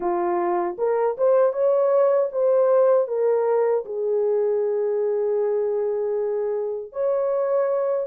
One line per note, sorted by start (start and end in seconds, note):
0.00 0.76 F4
0.77 1.16 A#4
1.17 1.52 C5
1.52 2.29 C#5
2.31 3.07 C5
3.07 3.84 A#4
3.85 6.92 G#4
6.92 8.07 C#5